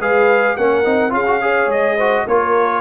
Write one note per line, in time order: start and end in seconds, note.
0.00 0.57 G#3
0.00 0.58 G#4
0.00 0.57 B4
0.00 0.57 F5
0.57 0.86 A#3
0.57 0.85 C#4
0.57 1.14 A#4
0.57 1.13 F#5
0.85 1.12 C4
0.85 1.10 D#4
1.10 1.67 C#4
1.10 1.24 F4
1.10 1.42 G#4
1.10 1.71 F5
1.27 1.41 F#4
1.41 1.98 G#4
1.41 1.96 C#5
1.67 2.24 G#3
1.67 2.28 D#5
1.96 2.29 F#4
1.96 2.24 C5
2.26 2.81 A#3
2.26 2.81 F4
2.26 2.81 A#4
2.26 2.81 C#5